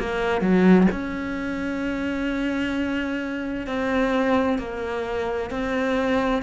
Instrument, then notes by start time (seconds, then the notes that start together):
cello
0.00 A#3
0.42 F#3
0.92 C#4
3.67 C4
4.59 A#3
5.51 C4